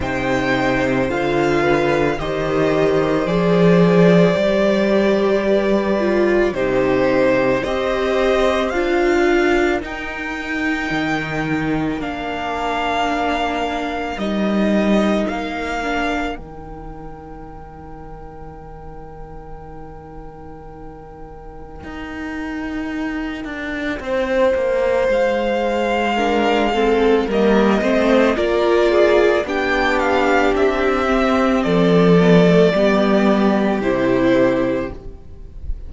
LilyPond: <<
  \new Staff \with { instrumentName = "violin" } { \time 4/4 \tempo 4 = 55 g''4 f''4 dis''4 d''4~ | d''2 c''4 dis''4 | f''4 g''2 f''4~ | f''4 dis''4 f''4 g''4~ |
g''1~ | g''2. f''4~ | f''4 dis''4 d''4 g''8 f''8 | e''4 d''2 c''4 | }
  \new Staff \with { instrumentName = "violin" } { \time 4/4 c''4. b'8 c''2~ | c''4 b'4 g'4 c''4~ | c''8 ais'2.~ ais'8~ | ais'1~ |
ais'1~ | ais'2 c''2 | ais'8 a'8 ais'8 c''8 ais'8 gis'8 g'4~ | g'4 a'4 g'2 | }
  \new Staff \with { instrumentName = "viola" } { \time 4/4 dis'4 f'4 g'4 gis'4 | g'4. f'8 dis'4 g'4 | f'4 dis'2 d'4~ | d'4 dis'4. d'8 dis'4~ |
dis'1~ | dis'1 | d'8 c'8 ais8 c'8 f'4 d'4~ | d'8 c'4 b16 a16 b4 e'4 | }
  \new Staff \with { instrumentName = "cello" } { \time 4/4 c4 d4 dis4 f4 | g2 c4 c'4 | d'4 dis'4 dis4 ais4~ | ais4 g4 ais4 dis4~ |
dis1 | dis'4. d'8 c'8 ais8 gis4~ | gis4 g8 a8 ais4 b4 | c'4 f4 g4 c4 | }
>>